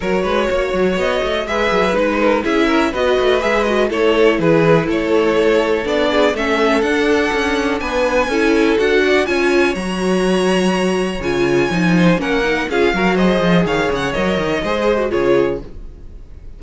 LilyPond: <<
  \new Staff \with { instrumentName = "violin" } { \time 4/4 \tempo 4 = 123 cis''2 dis''4 e''4 | b'4 e''4 dis''4 e''8 dis''8 | cis''4 b'4 cis''2 | d''4 e''4 fis''2 |
gis''2 fis''4 gis''4 | ais''2. gis''4~ | gis''4 fis''4 f''4 dis''4 | f''8 fis''8 dis''2 cis''4 | }
  \new Staff \with { instrumentName = "violin" } { \time 4/4 ais'8 b'8 cis''2 b'4~ | b'8 ais'8 gis'8 ais'8 b'2 | a'4 gis'4 a'2~ | a'8 gis'8 a'2. |
b'4 a'4. d''8 cis''4~ | cis''1~ | cis''8 c''8 ais'4 gis'8 ais'8 c''4 | cis''2 c''4 gis'4 | }
  \new Staff \with { instrumentName = "viola" } { \time 4/4 fis'2. gis'4 | dis'4 e'4 fis'4 gis'8 fis'8 | e'1 | d'4 cis'4 d'2~ |
d'4 e'4 fis'4 f'4 | fis'2. f'4 | dis'4 cis'8 dis'8 f'8 fis'8 gis'4~ | gis'4 ais'4 gis'8. fis'16 f'4 | }
  \new Staff \with { instrumentName = "cello" } { \time 4/4 fis8 gis8 ais8 fis8 b8 a8 gis8 fis8 | gis4 cis'4 b8 a8 gis4 | a4 e4 a2 | b4 a4 d'4 cis'4 |
b4 cis'4 d'4 cis'4 | fis2. cis4 | f4 ais4 cis'8 fis4 f8 | dis8 cis8 fis8 dis8 gis4 cis4 | }
>>